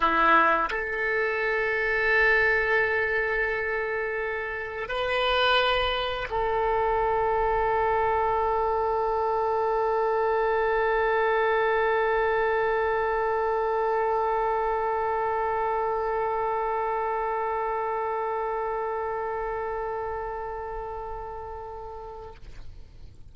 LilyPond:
\new Staff \with { instrumentName = "oboe" } { \time 4/4 \tempo 4 = 86 e'4 a'2.~ | a'2. b'4~ | b'4 a'2.~ | a'1~ |
a'1~ | a'1~ | a'1~ | a'1 | }